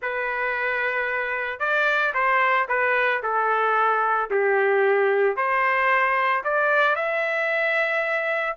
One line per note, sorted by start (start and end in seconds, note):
0.01 1.59 B4
1.59 2.13 D5
2.14 2.67 C5
2.68 3.21 B4
3.23 4.30 A4
4.30 5.36 G4
5.36 6.43 C5
6.43 6.95 D5
6.95 8.56 E5